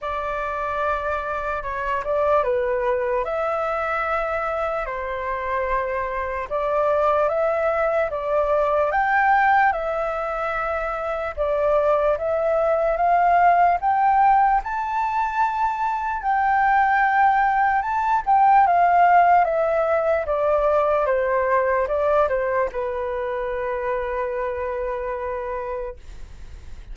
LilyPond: \new Staff \with { instrumentName = "flute" } { \time 4/4 \tempo 4 = 74 d''2 cis''8 d''8 b'4 | e''2 c''2 | d''4 e''4 d''4 g''4 | e''2 d''4 e''4 |
f''4 g''4 a''2 | g''2 a''8 g''8 f''4 | e''4 d''4 c''4 d''8 c''8 | b'1 | }